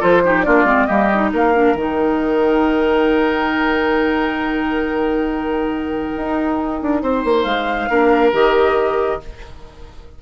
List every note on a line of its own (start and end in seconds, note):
0.00 0.47 F3
0.00 0.22 F4
0.00 0.22 A4
0.00 0.43 C5
0.25 0.45 D#4
0.25 0.45 G4
0.43 0.64 A#3
0.43 0.66 D4
0.43 0.87 F4
0.43 0.86 D5
0.64 0.86 G#3
0.64 0.88 C4
0.86 1.33 G3
0.86 1.10 A#3
0.86 1.31 G4
0.86 1.30 D#5
1.14 1.54 D#4
1.33 1.75 A#3
1.33 7.03 A#4
1.33 1.76 F5
1.54 1.76 D4
1.75 6.13 D#3
1.75 7.90 D#4
1.75 7.42 G5
6.17 6.82 D#4
6.82 7.02 D4
7.02 7.24 C4
7.02 7.90 C5
7.24 7.45 A#3
7.42 7.89 G#3
7.42 8.30 F5
7.90 8.33 A#3
7.90 8.33 D4
7.90 9.21 A#4
8.33 9.20 D#3
8.33 9.20 G4
8.33 9.22 D#5